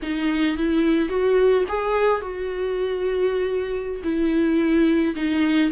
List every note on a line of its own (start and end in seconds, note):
0.02 0.57 D#4
0.57 1.08 E4
1.08 1.64 F#4
1.68 2.21 G#4
2.21 4.02 F#4
4.03 5.14 E4
5.15 5.71 D#4